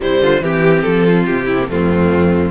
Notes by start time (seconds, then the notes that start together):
0.00 C3 G3 E4 C5
0.21 D3 F4
0.40 E3 C4 G4
0.82 F3 A4
1.06 F4
1.25 C3 G4
1.45 E4
1.60 A#3
1.68 F2 A3 C4 F4